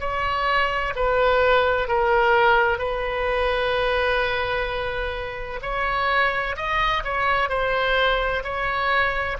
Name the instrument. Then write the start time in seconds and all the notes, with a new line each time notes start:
oboe
0.00 C#5
0.95 B4
1.88 A#4
2.79 B4
5.62 C#5
6.56 D#5
7.04 C#5
7.49 C5
8.43 C#5